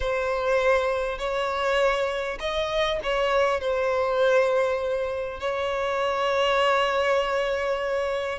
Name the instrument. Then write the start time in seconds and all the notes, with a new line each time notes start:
violin
0.00 C5
1.18 C#5
2.39 D#5
3.03 C#5
3.60 C5
5.40 C#5